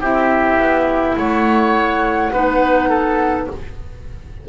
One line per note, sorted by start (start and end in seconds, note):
0.00 0.58 C4
0.00 2.33 E4
0.00 1.15 G4
0.00 1.16 E5
0.58 1.16 B3
1.16 2.32 A3
1.16 2.32 C#5
1.16 3.47 F#5
2.32 3.47 B3
2.32 3.49 D#4
2.32 2.89 B4
2.89 3.47 A4